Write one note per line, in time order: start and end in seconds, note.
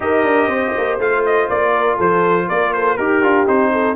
0.00 0.23 D#4
0.00 0.99 G4
0.00 0.49 A#4
0.00 0.99 D#5
0.23 0.47 D4
0.47 0.71 C4
0.47 1.73 C5
0.77 0.99 A#3
0.99 1.49 A3
0.99 2.98 F4
0.99 1.25 F5
1.25 1.49 D#5
1.49 1.98 A#3
1.49 1.98 D5
1.73 1.96 A#4
1.96 2.49 F3
1.96 2.46 A4
1.96 2.49 C5
2.48 2.98 A#3
2.48 2.73 A#4
2.48 2.73 D5
2.73 2.97 A4
2.73 2.97 C5
2.97 3.21 D#4
2.97 3.71 G4
2.97 3.22 G4
2.97 3.46 A#4
3.21 3.46 D4
3.21 3.46 F4
3.46 3.96 C4
3.46 3.96 D#4
3.46 3.96 C5
3.72 3.96 A4